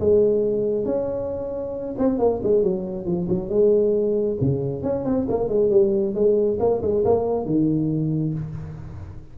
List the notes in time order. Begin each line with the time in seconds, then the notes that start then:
0.00 G#3
0.85 C#4
1.98 C4
2.19 A#3
2.43 G#3
2.63 F#3
3.05 F3
3.29 F#3
3.49 G#3
4.41 C#3
4.83 C#4
5.05 C4
5.29 A#3
5.48 G#3
5.70 G3
6.14 G#3
6.60 A#3
6.82 G#3
7.04 A#3
7.46 D#3